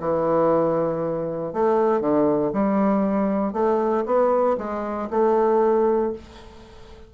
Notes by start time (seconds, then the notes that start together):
0.00 E3
1.53 A3
2.01 D3
2.53 G3
3.53 A3
4.06 B3
4.58 G#3
5.10 A3